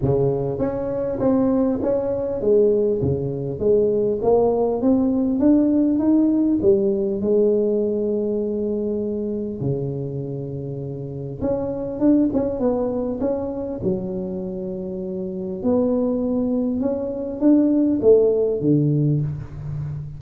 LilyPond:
\new Staff \with { instrumentName = "tuba" } { \time 4/4 \tempo 4 = 100 cis4 cis'4 c'4 cis'4 | gis4 cis4 gis4 ais4 | c'4 d'4 dis'4 g4 | gis1 |
cis2. cis'4 | d'8 cis'8 b4 cis'4 fis4~ | fis2 b2 | cis'4 d'4 a4 d4 | }